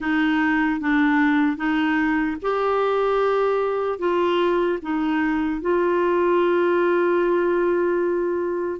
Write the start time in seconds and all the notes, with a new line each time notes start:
0.00 D#4
0.80 D4
1.56 D#4
2.42 G4
3.98 F4
4.81 D#4
5.61 F4